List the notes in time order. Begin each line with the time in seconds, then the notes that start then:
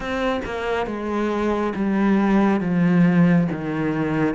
0.00 C4
0.45 A#3
0.86 G#3
1.75 G3
2.60 F3
3.51 D#3